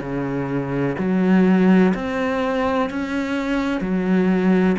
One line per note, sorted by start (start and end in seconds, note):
0.00 0.95 C#3
0.98 1.94 F#3
1.94 2.90 C4
2.90 3.81 C#4
3.81 4.76 F#3